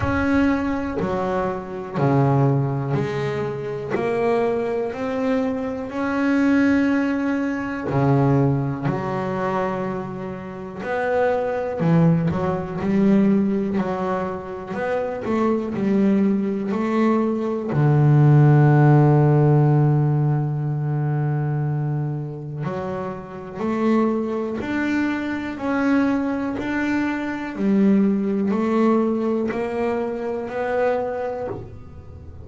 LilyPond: \new Staff \with { instrumentName = "double bass" } { \time 4/4 \tempo 4 = 61 cis'4 fis4 cis4 gis4 | ais4 c'4 cis'2 | cis4 fis2 b4 | e8 fis8 g4 fis4 b8 a8 |
g4 a4 d2~ | d2. fis4 | a4 d'4 cis'4 d'4 | g4 a4 ais4 b4 | }